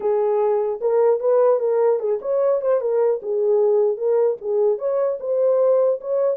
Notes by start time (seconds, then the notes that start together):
0.00 G#4
0.80 A#4
1.20 B4
1.59 A#4
1.99 G#4
2.21 C#5
2.61 C5
2.81 A#4
3.22 G#4
3.97 A#4
4.41 G#4
4.78 C#5
5.19 C5
6.00 C#5